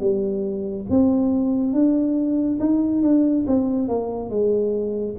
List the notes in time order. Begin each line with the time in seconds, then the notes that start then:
0.00 G3
0.90 C4
1.73 D4
2.59 D#4
3.02 D4
3.47 C4
3.88 A#3
4.30 G#3